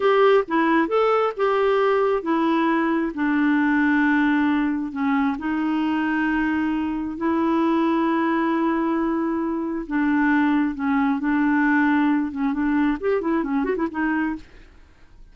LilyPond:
\new Staff \with { instrumentName = "clarinet" } { \time 4/4 \tempo 4 = 134 g'4 e'4 a'4 g'4~ | g'4 e'2 d'4~ | d'2. cis'4 | dis'1 |
e'1~ | e'2 d'2 | cis'4 d'2~ d'8 cis'8 | d'4 g'8 e'8 cis'8 fis'16 e'16 dis'4 | }